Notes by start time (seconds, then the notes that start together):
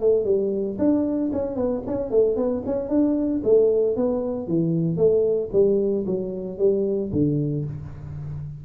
0.00 A3
0.24 G3
0.78 D4
1.33 C#4
1.56 B3
1.86 C#4
2.10 A3
2.36 B3
2.66 C#4
2.89 D4
3.44 A3
3.96 B3
4.47 E3
4.97 A3
5.52 G3
6.06 F#3
6.58 G3
7.12 D3